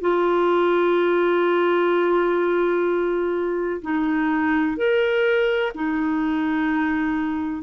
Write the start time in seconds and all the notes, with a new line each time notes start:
0.00 F4
3.81 D#4
4.77 A#4
5.74 D#4